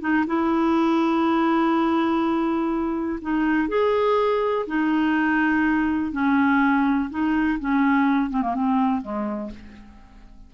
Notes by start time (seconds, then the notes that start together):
0.00 D#4
0.26 E4
3.21 D#4
3.68 G#4
4.66 D#4
6.12 C#4
7.10 D#4
7.59 C#4
8.30 C4
8.42 A#3
8.54 C4
9.01 G#3